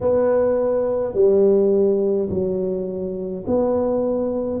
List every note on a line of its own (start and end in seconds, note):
0.00 1.13 B3
1.13 2.29 G3
2.29 3.45 F#3
3.46 4.60 B3